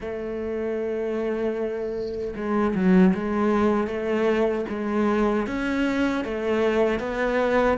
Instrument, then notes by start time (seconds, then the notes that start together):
cello
0.00 A3
2.36 G#3
2.75 F#3
3.14 G#3
3.87 A3
4.69 G#3
5.47 C#4
6.24 A3
7.00 B3